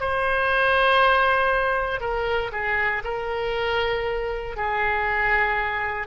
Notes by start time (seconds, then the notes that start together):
0.00 C5
2.00 A#4
2.52 G#4
3.04 A#4
4.57 G#4